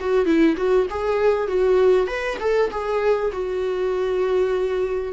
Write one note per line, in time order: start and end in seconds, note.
0.00 0.25 F#4
0.25 0.56 E4
0.57 0.87 F#4
0.90 1.48 G#4
1.48 2.07 F#4
2.07 2.37 B4
2.40 2.70 A4
2.71 3.31 G#4
3.33 5.13 F#4